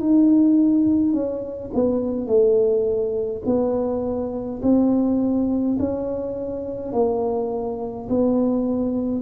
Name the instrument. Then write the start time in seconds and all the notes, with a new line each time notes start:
tuba
0.00 D#4
1.13 C#4
1.74 B3
2.27 A3
3.46 B3
4.63 C4
5.80 C#4
6.93 A#3
8.09 B3